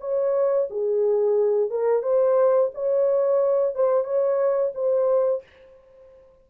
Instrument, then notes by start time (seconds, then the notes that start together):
horn
0.00 C#5
0.70 G#4
1.70 A#4
2.02 C5
2.74 C#5
3.75 C5
4.04 C#5
4.75 C5